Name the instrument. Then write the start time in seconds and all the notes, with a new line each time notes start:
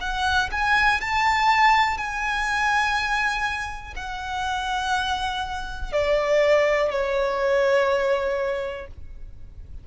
violin
0.00 F#5
0.51 G#5
1.01 A5
1.97 G#5
3.96 F#5
5.92 D5
6.90 C#5